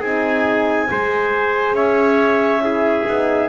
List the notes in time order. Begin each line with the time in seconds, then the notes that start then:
0.00 C4 D#4 G#4 G#5
0.88 G#3 G#4 C5
1.72 C#4 C#5 E5
2.62 E4 G#4
3.07 B3 D#4